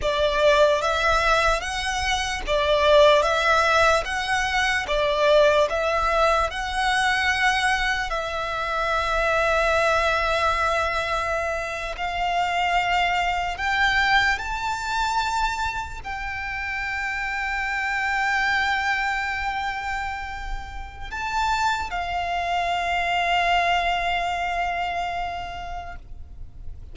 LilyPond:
\new Staff \with { instrumentName = "violin" } { \time 4/4 \tempo 4 = 74 d''4 e''4 fis''4 d''4 | e''4 fis''4 d''4 e''4 | fis''2 e''2~ | e''2~ e''8. f''4~ f''16~ |
f''8. g''4 a''2 g''16~ | g''1~ | g''2 a''4 f''4~ | f''1 | }